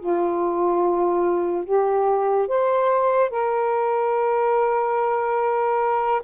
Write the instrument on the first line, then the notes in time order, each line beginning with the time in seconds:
saxophone
0.00 F4
1.65 G4
2.48 C5
3.31 A#4